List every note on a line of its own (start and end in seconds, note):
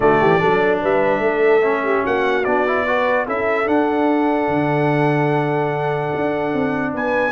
0.00 0.20 D3
0.00 0.39 A3
0.00 0.20 F#4
0.00 0.79 D5
0.20 0.41 E3
0.20 0.40 G4
0.39 0.83 F#3
0.39 1.61 D4
0.39 0.81 A4
0.81 1.18 G3
0.81 1.22 B4
0.81 2.05 E5
1.18 2.00 A3
1.25 1.84 A4
1.62 2.44 C#4
1.84 2.03 G4
2.03 2.46 A#3
2.03 2.84 F#4
2.03 2.44 F#5
2.44 3.27 B3
2.44 2.67 D4
2.44 3.26 D5
2.67 2.87 E4
2.87 3.27 F#4
2.87 3.25 B4
3.25 3.68 C#4
3.25 3.64 E4
3.25 6.92 A4
3.25 3.67 E5
3.64 7.31 D4
3.64 4.48 D4
3.64 6.94 F#5
4.48 6.11 D3
6.15 6.53 D4
6.53 6.94 C4
6.94 7.31 B3
6.94 7.31 B4
6.94 7.31 G#5